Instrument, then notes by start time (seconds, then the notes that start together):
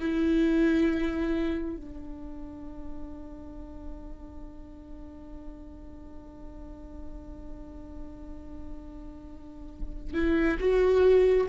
viola
0.00 E4
1.76 D4
10.14 E4
10.59 F#4